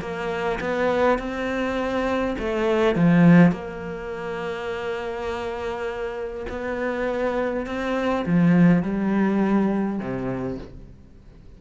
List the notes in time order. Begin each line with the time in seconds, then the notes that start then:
0.00 A#3
0.60 B3
1.18 C4
2.38 A3
2.95 F3
3.52 A#3
6.49 B3
7.66 C4
8.26 F3
8.82 G3
9.99 C3